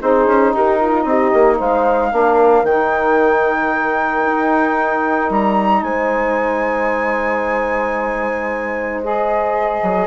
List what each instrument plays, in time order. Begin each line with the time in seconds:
0.00 bassoon C4, saxophone D#4, horn G#4, flute C5
0.27 bassoon C#4
0.54 bassoon D#4, horn G4, flute A#4
0.81 horn F4
1.03 bassoon C4, flute D#5
1.09 horn G4
1.34 bassoon A#3
1.59 bassoon G#3, horn C5, flute F5
2.11 bassoon A#3, saxophone D4, horn A#4
2.63 bassoon D#3, saxophone D#4, flute G5
4.26 bassoon D#4
5.31 bassoon G3, flute A#5
5.83 bassoon G#3, horn C5, flute G#5
9.03 saxophone G#4, flute D#5
9.83 bassoon F#3